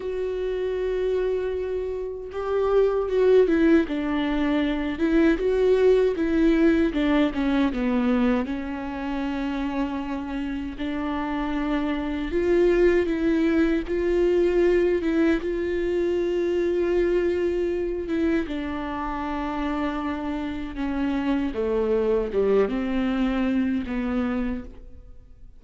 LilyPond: \new Staff \with { instrumentName = "viola" } { \time 4/4 \tempo 4 = 78 fis'2. g'4 | fis'8 e'8 d'4. e'8 fis'4 | e'4 d'8 cis'8 b4 cis'4~ | cis'2 d'2 |
f'4 e'4 f'4. e'8 | f'2.~ f'8 e'8 | d'2. cis'4 | a4 g8 c'4. b4 | }